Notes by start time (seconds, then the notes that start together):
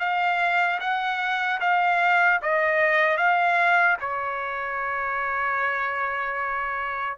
0.00 F5
0.80 F#5
1.61 F5
2.43 D#5
3.17 F5
4.01 C#5